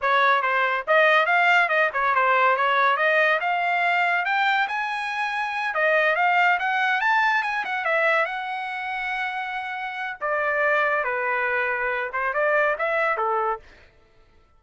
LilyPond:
\new Staff \with { instrumentName = "trumpet" } { \time 4/4 \tempo 4 = 141 cis''4 c''4 dis''4 f''4 | dis''8 cis''8 c''4 cis''4 dis''4 | f''2 g''4 gis''4~ | gis''4. dis''4 f''4 fis''8~ |
fis''8 a''4 gis''8 fis''8 e''4 fis''8~ | fis''1 | d''2 b'2~ | b'8 c''8 d''4 e''4 a'4 | }